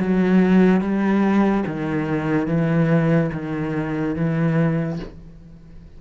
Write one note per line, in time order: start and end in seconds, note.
0.00 0.81 F#3
0.81 1.64 G3
1.66 2.47 D#3
2.47 3.31 E3
3.33 4.16 D#3
4.16 4.99 E3